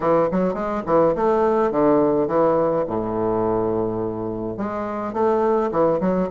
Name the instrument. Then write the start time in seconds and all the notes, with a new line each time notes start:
bassoon
0.00 E3
0.31 F#3
0.54 G#3
0.86 E3
1.15 A3
1.71 D3
2.27 E3
2.87 A2
4.57 G#3
5.13 A3
5.71 E3
6.00 F#3